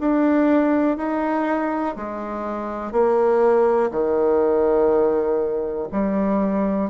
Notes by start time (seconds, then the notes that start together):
0.00 D4
0.97 D#4
1.96 G#3
2.92 A#3
3.91 D#3
5.92 G3